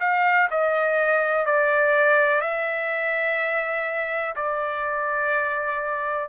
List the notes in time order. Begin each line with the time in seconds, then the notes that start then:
0.00 F5
0.50 D#5
1.46 D5
2.41 E5
4.35 D5